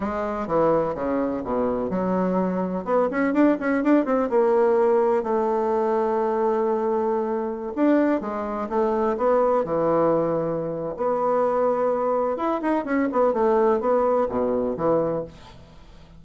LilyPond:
\new Staff \with { instrumentName = "bassoon" } { \time 4/4 \tempo 4 = 126 gis4 e4 cis4 b,4 | fis2 b8 cis'8 d'8 cis'8 | d'8 c'8 ais2 a4~ | a1~ |
a16 d'4 gis4 a4 b8.~ | b16 e2~ e8. b4~ | b2 e'8 dis'8 cis'8 b8 | a4 b4 b,4 e4 | }